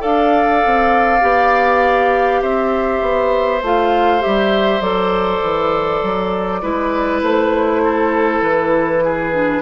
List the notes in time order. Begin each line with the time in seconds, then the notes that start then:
0.00 D4 A4 D5 F5
0.66 C4
1.21 B3 G4
2.42 C4 C5 E5
3.02 B3
3.62 A3 F4 F5
4.21 G3 G4 E5
4.81 F#3 A4 D5
5.42 E3
6.03 F#3
6.62 G#3 E4 B4
7.22 A3 C5
7.85 A4
8.42 E3 B4
9.04 G#4
9.33 D4